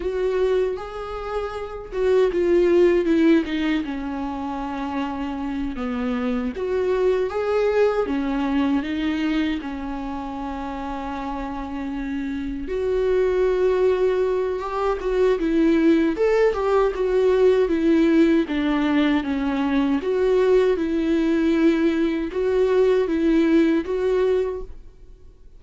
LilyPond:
\new Staff \with { instrumentName = "viola" } { \time 4/4 \tempo 4 = 78 fis'4 gis'4. fis'8 f'4 | e'8 dis'8 cis'2~ cis'8 b8~ | b8 fis'4 gis'4 cis'4 dis'8~ | dis'8 cis'2.~ cis'8~ |
cis'8 fis'2~ fis'8 g'8 fis'8 | e'4 a'8 g'8 fis'4 e'4 | d'4 cis'4 fis'4 e'4~ | e'4 fis'4 e'4 fis'4 | }